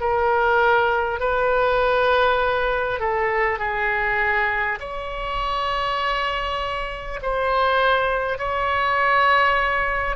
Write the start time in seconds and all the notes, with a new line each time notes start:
0.00 A#4
1.19 B4
3.00 A4
3.58 G#4
4.80 C#5
7.22 C5
8.38 C#5